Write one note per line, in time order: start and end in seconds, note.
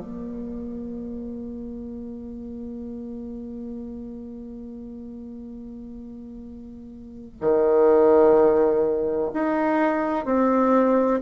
0.00 7.38 A#3
7.41 9.32 D#3
9.34 10.26 D#4
10.26 11.21 C4